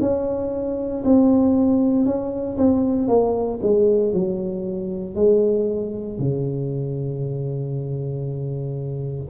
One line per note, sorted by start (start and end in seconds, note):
0.00 1.03 C#4
1.04 2.05 C4
2.05 2.57 C#4
2.57 3.08 C4
3.08 3.59 A#3
3.62 4.13 G#3
4.13 5.15 F#3
5.15 6.18 G#3
6.18 9.29 C#3